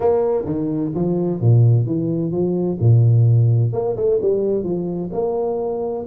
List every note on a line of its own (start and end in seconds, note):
0.00 0.45 A#3
0.45 0.92 D#3
0.94 1.40 F3
1.40 1.86 A#2
1.86 2.31 E3
2.31 2.78 F3
2.80 3.72 A#2
3.72 3.96 A#3
3.96 4.19 A3
4.21 4.63 G3
4.63 5.10 F3
5.12 6.05 A#3